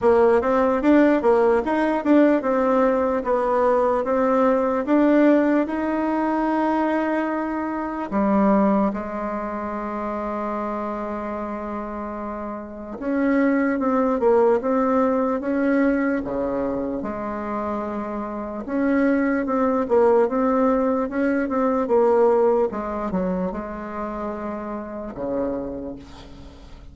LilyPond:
\new Staff \with { instrumentName = "bassoon" } { \time 4/4 \tempo 4 = 74 ais8 c'8 d'8 ais8 dis'8 d'8 c'4 | b4 c'4 d'4 dis'4~ | dis'2 g4 gis4~ | gis1 |
cis'4 c'8 ais8 c'4 cis'4 | cis4 gis2 cis'4 | c'8 ais8 c'4 cis'8 c'8 ais4 | gis8 fis8 gis2 cis4 | }